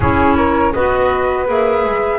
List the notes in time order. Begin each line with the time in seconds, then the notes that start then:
0.00 C#4 E4 G#4 C#5
0.36 A#4
0.72 B3 F#4 B4 D#5
1.46 A#3 G#4 E5
1.84 G#3